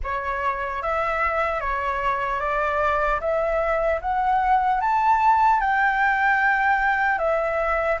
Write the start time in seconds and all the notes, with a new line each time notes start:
0.03 C#5
0.82 E5
1.60 C#5
2.40 D5
3.20 E5
4.01 F#5
4.80 A5
5.60 G5
7.18 E5